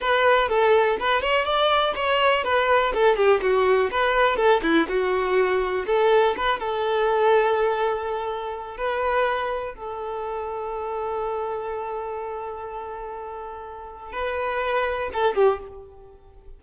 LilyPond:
\new Staff \with { instrumentName = "violin" } { \time 4/4 \tempo 4 = 123 b'4 a'4 b'8 cis''8 d''4 | cis''4 b'4 a'8 g'8 fis'4 | b'4 a'8 e'8 fis'2 | a'4 b'8 a'2~ a'8~ |
a'2 b'2 | a'1~ | a'1~ | a'4 b'2 a'8 g'8 | }